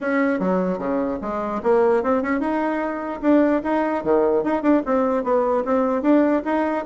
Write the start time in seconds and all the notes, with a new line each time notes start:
0.00 C#4
0.39 F#3
0.78 C#3
1.21 G#3
1.62 A#3
2.03 C4
2.22 C#4
2.40 D#4
3.21 D4
3.63 D#4
4.03 D#3
4.43 D#4
4.62 D4
4.85 C4
5.23 B3
5.64 C4
6.02 D4
6.44 D#4